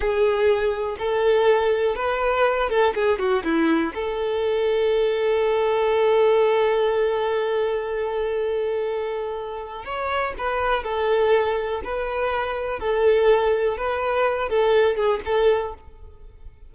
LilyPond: \new Staff \with { instrumentName = "violin" } { \time 4/4 \tempo 4 = 122 gis'2 a'2 | b'4. a'8 gis'8 fis'8 e'4 | a'1~ | a'1~ |
a'1 | cis''4 b'4 a'2 | b'2 a'2 | b'4. a'4 gis'8 a'4 | }